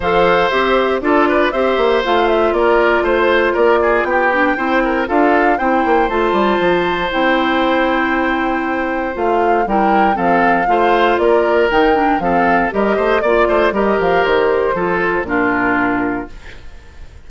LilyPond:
<<
  \new Staff \with { instrumentName = "flute" } { \time 4/4 \tempo 4 = 118 f''4 e''4 d''4 e''4 | f''8 e''8 d''4 c''4 d''4 | g''2 f''4 g''4 | a''2 g''2~ |
g''2 f''4 g''4 | f''2 d''4 g''4 | f''4 dis''4 d''4 dis''8 f''8 | c''2 ais'2 | }
  \new Staff \with { instrumentName = "oboe" } { \time 4/4 c''2 a'8 b'8 c''4~ | c''4 ais'4 c''4 ais'8 gis'8 | g'4 c''8 ais'8 a'4 c''4~ | c''1~ |
c''2. ais'4 | a'4 c''4 ais'2 | a'4 ais'8 c''8 d''8 c''8 ais'4~ | ais'4 a'4 f'2 | }
  \new Staff \with { instrumentName = "clarinet" } { \time 4/4 a'4 g'4 f'4 g'4 | f'1~ | f'8 d'8 e'4 f'4 e'4 | f'2 e'2~ |
e'2 f'4 e'4 | c'4 f'2 dis'8 d'8 | c'4 g'4 f'4 g'4~ | g'4 f'4 d'2 | }
  \new Staff \with { instrumentName = "bassoon" } { \time 4/4 f4 c'4 d'4 c'8 ais8 | a4 ais4 a4 ais4 | b4 c'4 d'4 c'8 ais8 | a8 g8 f4 c'2~ |
c'2 a4 g4 | f4 a4 ais4 dis4 | f4 g8 a8 ais8 a8 g8 f8 | dis4 f4 ais,2 | }
>>